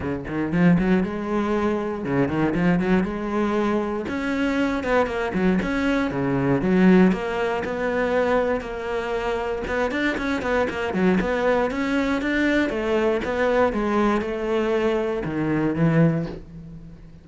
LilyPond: \new Staff \with { instrumentName = "cello" } { \time 4/4 \tempo 4 = 118 cis8 dis8 f8 fis8 gis2 | cis8 dis8 f8 fis8 gis2 | cis'4. b8 ais8 fis8 cis'4 | cis4 fis4 ais4 b4~ |
b4 ais2 b8 d'8 | cis'8 b8 ais8 fis8 b4 cis'4 | d'4 a4 b4 gis4 | a2 dis4 e4 | }